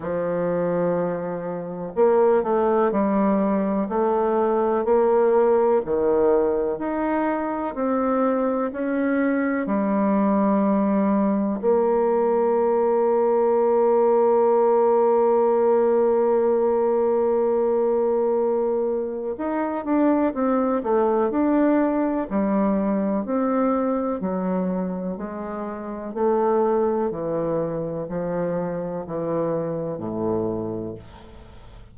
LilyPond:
\new Staff \with { instrumentName = "bassoon" } { \time 4/4 \tempo 4 = 62 f2 ais8 a8 g4 | a4 ais4 dis4 dis'4 | c'4 cis'4 g2 | ais1~ |
ais1 | dis'8 d'8 c'8 a8 d'4 g4 | c'4 fis4 gis4 a4 | e4 f4 e4 a,4 | }